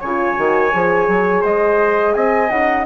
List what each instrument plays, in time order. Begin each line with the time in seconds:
0.00 bassoon C#3, horn F4, trumpet C#5, flute G#5
0.36 bassoon D#3, horn F#4
0.72 bassoon F3, horn G#4
1.08 bassoon F#3
1.42 bassoon G#3, trumpet C5, flute D#5
2.14 bassoon C4, trumpet D#5, flute G#5
2.50 bassoon C#3, horn D#4, flute F#5